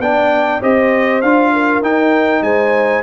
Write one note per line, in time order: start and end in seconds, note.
0.00 0.61 B3
0.00 0.62 D4
0.00 0.61 D5
0.00 0.62 G5
0.61 1.23 C4
0.61 1.23 G4
0.61 1.52 C5
0.61 1.22 D#5
1.22 1.82 D4
1.22 1.83 F4
1.22 1.82 F5
1.53 2.44 A#4
1.82 2.42 D#4
1.82 3.03 D#4
1.82 2.43 G5
2.42 3.03 G#3
2.42 3.03 C5
2.42 3.03 G#5